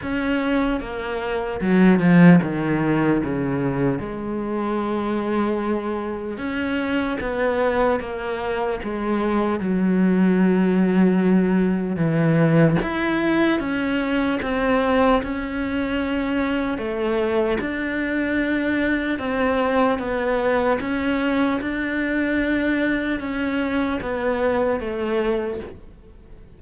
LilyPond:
\new Staff \with { instrumentName = "cello" } { \time 4/4 \tempo 4 = 75 cis'4 ais4 fis8 f8 dis4 | cis4 gis2. | cis'4 b4 ais4 gis4 | fis2. e4 |
e'4 cis'4 c'4 cis'4~ | cis'4 a4 d'2 | c'4 b4 cis'4 d'4~ | d'4 cis'4 b4 a4 | }